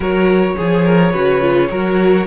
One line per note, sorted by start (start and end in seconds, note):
0.00 0.55 F#3
0.00 0.57 F#4
0.00 0.55 A#4
0.00 2.26 C#5
0.56 1.14 F3
0.56 0.84 G#4
0.56 1.13 G#4
0.84 1.12 A#4
1.12 1.70 C#3
1.12 1.40 F#4
1.12 1.68 B4
1.40 1.69 F4
1.70 2.26 F#3
1.70 2.26 F#4
1.70 2.26 A#4